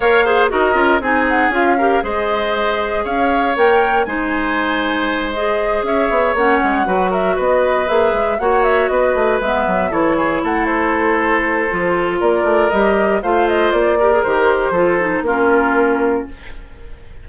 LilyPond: <<
  \new Staff \with { instrumentName = "flute" } { \time 4/4 \tempo 4 = 118 f''4 dis''4 gis''8 fis''8 f''4 | dis''2 f''4 g''4 | gis''2~ gis''8 dis''4 e''8~ | e''8 fis''4. e''8 dis''4 e''8~ |
e''8 fis''8 e''8 dis''4 e''4 cis''8~ | cis''8 fis''8 c''2. | d''4 dis''4 f''8 dis''8 d''4 | c''2 ais'2 | }
  \new Staff \with { instrumentName = "oboe" } { \time 4/4 cis''8 c''8 ais'4 gis'4. ais'8 | c''2 cis''2 | c''2.~ c''8 cis''8~ | cis''4. b'8 ais'8 b'4.~ |
b'8 cis''4 b'2 a'8 | gis'8 a'2.~ a'8 | ais'2 c''4. ais'8~ | ais'4 a'4 f'2 | }
  \new Staff \with { instrumentName = "clarinet" } { \time 4/4 ais'8 gis'8 fis'8 f'8 dis'4 f'8 g'8 | gis'2. ais'4 | dis'2~ dis'8 gis'4.~ | gis'8 cis'4 fis'2 gis'8~ |
gis'8 fis'2 b4 e'8~ | e'2. f'4~ | f'4 g'4 f'4. g'16 gis'16 | g'4 f'8 dis'8 cis'2 | }
  \new Staff \with { instrumentName = "bassoon" } { \time 4/4 ais4 dis'8 cis'8 c'4 cis'4 | gis2 cis'4 ais4 | gis2.~ gis8 cis'8 | b8 ais8 gis8 fis4 b4 ais8 |
gis8 ais4 b8 a8 gis8 fis8 e8~ | e8 a2~ a8 f4 | ais8 a8 g4 a4 ais4 | dis4 f4 ais2 | }
>>